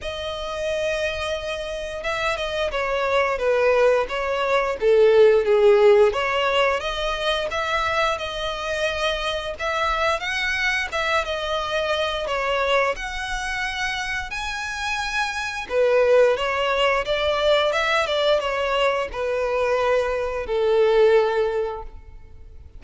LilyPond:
\new Staff \with { instrumentName = "violin" } { \time 4/4 \tempo 4 = 88 dis''2. e''8 dis''8 | cis''4 b'4 cis''4 a'4 | gis'4 cis''4 dis''4 e''4 | dis''2 e''4 fis''4 |
e''8 dis''4. cis''4 fis''4~ | fis''4 gis''2 b'4 | cis''4 d''4 e''8 d''8 cis''4 | b'2 a'2 | }